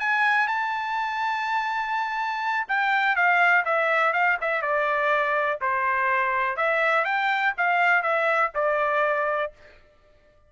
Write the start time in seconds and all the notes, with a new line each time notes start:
0.00 G#5
0.47 A5
2.68 G5
3.16 F5
3.65 E5
4.13 F5
4.41 E5
4.62 D5
5.61 C5
6.57 E5
7.05 G5
7.58 F5
8.02 E5
8.55 D5